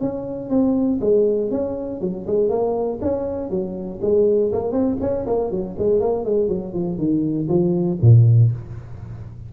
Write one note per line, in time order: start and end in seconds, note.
0.00 0.49 C#4
0.49 0.99 C4
1.00 1.50 G#3
1.50 2.00 C#4
2.00 2.25 F#3
2.26 2.49 G#3
2.49 2.99 A#3
3.01 3.50 C#4
3.50 4.00 F#3
4.01 4.51 G#3
4.52 4.72 A#3
4.72 4.97 C4
5.00 5.25 C#4
5.26 5.50 A#3
5.50 5.75 F#3
5.78 6.00 G#3
6.00 6.25 A#3
6.25 6.48 G#3
6.48 6.73 F#3
6.73 6.98 F3
6.98 7.48 D#3
7.48 7.98 F3
8.01 8.51 A#2